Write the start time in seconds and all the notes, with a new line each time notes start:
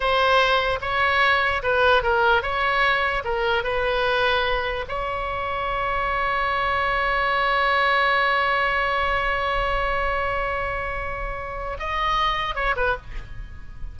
0.00 C5
0.81 C#5
1.63 B4
2.02 A#4
2.42 C#5
3.24 A#4
3.63 B4
4.88 C#5
11.79 D#5
12.55 C#5
12.76 B4